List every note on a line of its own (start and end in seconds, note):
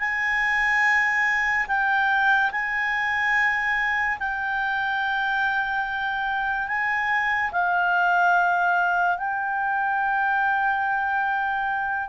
0.00 1.67 G#5
1.68 2.51 G5
2.52 4.19 G#5
4.19 6.68 G5
6.68 7.51 G#5
7.52 9.18 F5
9.18 12.09 G5